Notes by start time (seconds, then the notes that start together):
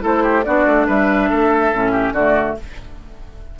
0.00 A3 E4 A4
0.06 C5
0.23 G4
0.44 B3 D4 F#4 D5
0.66 A3
0.87 G3 B4 E5
1.29 A3 A4
1.73 A2 C#4
1.92 G4
2.12 D3 A3 F#4 D5